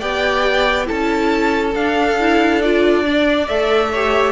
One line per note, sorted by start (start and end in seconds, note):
0.00 0.89 B3
0.00 0.86 G4
0.00 0.87 D5
0.00 0.88 G5
0.86 1.75 C#4
0.86 1.73 E4
0.86 3.05 A4
0.86 1.75 A5
1.75 3.49 D4
1.75 2.20 D4
1.75 2.62 F5
2.20 2.64 E4
2.62 3.06 F4
2.62 3.48 D5
3.06 3.49 D4
3.06 3.92 D5
3.48 4.33 A3
3.48 3.94 A4
3.48 4.33 E5
3.92 4.33 G4
3.92 4.33 C#5